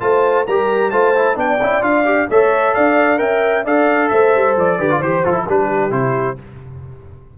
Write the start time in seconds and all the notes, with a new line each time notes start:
0.00 A3 F4 C5 A5
0.47 G3 G4 A#4 A#5
0.91 A3 F4 C5 A5
1.15 E4
1.35 B3 D4 D5 G5
1.61 C#4 E4
1.82 D4 F4 F5
2.05 G4
2.29 A3 A4 C#5 E5
2.74 D4 D5 F5
3.17 C#4 A#4 E5 G5
3.65 D4 A4 D5 F5
4.09 A3 C5 E5
4.35 G3
4.57 F3 D5
4.78 D3 G4 B4
4.91 F4
4.98 E3 G4 C5
5.25 F3 F4 A4
5.34 E4
5.47 G3 D4 G4 B4
5.90 C3 E4 C5